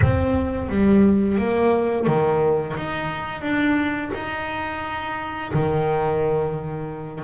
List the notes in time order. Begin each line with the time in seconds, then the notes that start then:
0.01 C4
0.69 G3
1.38 A#3
2.07 D#3
2.76 D#4
3.41 D4
4.14 D#4
5.53 D#3